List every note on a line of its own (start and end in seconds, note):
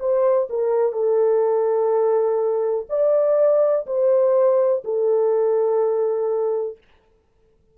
0.00 0.48 C5
0.50 0.92 A#4
0.92 2.86 A4
2.89 3.86 D5
3.87 4.83 C5
4.84 6.78 A4